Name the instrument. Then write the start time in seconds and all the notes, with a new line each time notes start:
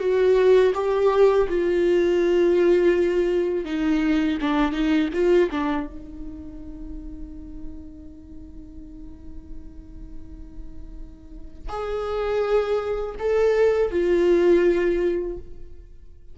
viola
0.00 F#4
0.74 G4
1.49 F4
3.65 D#4
4.41 D4
4.72 D#4
5.14 F4
5.51 D4
5.87 D#4
11.69 G#4
13.19 A4
13.91 F4